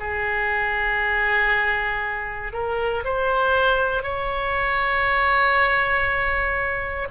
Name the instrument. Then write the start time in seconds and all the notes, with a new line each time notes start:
oboe
0.00 G#4
2.53 A#4
3.05 C5
4.03 C#5